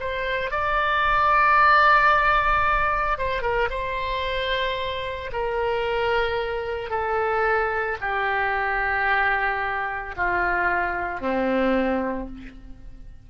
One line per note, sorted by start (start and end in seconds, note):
0.00 0.51 C5
0.51 3.19 D5
3.19 3.42 C5
3.42 3.69 A#4
3.70 5.31 C5
5.33 6.91 A#4
6.91 7.98 A4
8.01 10.15 G4
10.16 11.21 F4
11.21 12.28 C4